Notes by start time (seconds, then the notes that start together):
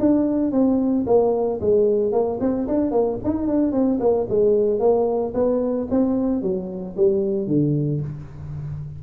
0.00 D4
0.52 C4
1.07 A#3
1.61 G#3
2.12 A#3
2.41 C4
2.68 D4
2.91 A#3
3.25 D#4
3.47 D4
3.72 C4
4.00 A#3
4.30 G#3
4.80 A#3
5.34 B3
5.91 C4
6.43 F#3
6.97 G3
7.48 D3